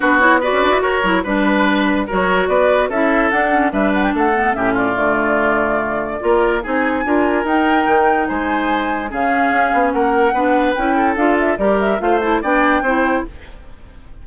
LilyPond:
<<
  \new Staff \with { instrumentName = "flute" } { \time 4/4 \tempo 4 = 145 b'8 cis''8 d''4 cis''4 b'4~ | b'4 cis''4 d''4 e''4 | fis''4 e''8 fis''16 g''16 fis''4 e''8 d''8~ | d''1 |
gis''2 g''2 | gis''2 f''2 | fis''2 g''4 f''8 e''8 | d''8 e''8 f''8 a''8 g''2 | }
  \new Staff \with { instrumentName = "oboe" } { \time 4/4 fis'4 b'4 ais'4 b'4~ | b'4 ais'4 b'4 a'4~ | a'4 b'4 a'4 g'8 f'8~ | f'2. ais'4 |
gis'4 ais'2. | c''2 gis'2 | ais'4 b'4. a'4. | ais'4 c''4 d''4 c''4 | }
  \new Staff \with { instrumentName = "clarinet" } { \time 4/4 d'8 e'8 fis'4. e'8 d'4~ | d'4 fis'2 e'4 | d'8 cis'8 d'4. b8 cis'4 | a2. f'4 |
dis'4 f'4 dis'2~ | dis'2 cis'2~ | cis'4 d'4 e'4 f'4 | g'4 f'8 e'8 d'4 e'4 | }
  \new Staff \with { instrumentName = "bassoon" } { \time 4/4 b4~ b16 cis'16 d'16 e'16 fis'8 fis8 g4~ | g4 fis4 b4 cis'4 | d'4 g4 a4 a,4 | d2. ais4 |
c'4 d'4 dis'4 dis4 | gis2 cis4 cis'8 b8 | ais4 b4 cis'4 d'4 | g4 a4 b4 c'4 | }
>>